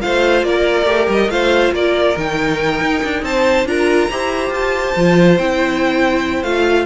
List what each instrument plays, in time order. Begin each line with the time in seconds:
0.00 cello A3, viola F4, violin C5 F5
0.43 cello A#3, violin A#4 D5
0.85 cello A3, viola G4
1.08 cello G3, violin D#5
1.28 cello A3, viola F4, violin C5 F5
1.72 cello A#3, violin A#4 D5
2.17 cello D#3, viola D#4, violin G5
2.80 cello D#4
3.03 cello D4
3.22 cello C4, violin C5 A5
3.65 cello D4, viola F4, violin A#4 A#5
4.10 cello E4, viola G4, violin C5
4.49 cello F4, violin A5
4.96 cello F3, viola F4
5.38 cello C4, viola E4, violin G5
6.43 cello A3, viola F4, violin F5